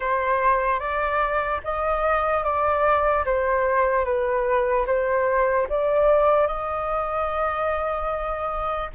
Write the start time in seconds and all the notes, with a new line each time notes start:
0.00 C5
0.79 D5
1.64 D#5
2.43 D5
3.25 C5
4.04 B4
4.86 C5
5.69 D5
6.47 D#5